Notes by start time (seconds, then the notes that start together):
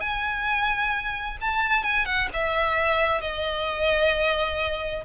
0.00 G#5
1.41 A5
1.83 G#5
2.05 F#5
2.33 E5
3.21 D#5